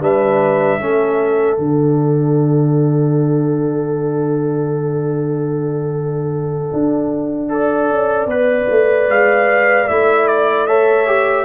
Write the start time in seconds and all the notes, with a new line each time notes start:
0.00 G3 D4 B4 E5
0.80 A3 C#4 A4
1.58 D3 D4 F#5
6.73 D4
7.49 A4 D5
7.91 C#4
8.26 B3 B4
8.69 A3
9.08 G#3 F5
9.88 A3 E4 E5
10.27 D5
10.66 A4 C#5 E5
11.06 G4